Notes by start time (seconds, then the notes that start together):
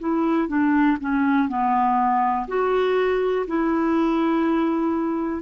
0.00 E4
0.48 D4
1.01 C#4
1.48 B3
2.48 F#4
3.47 E4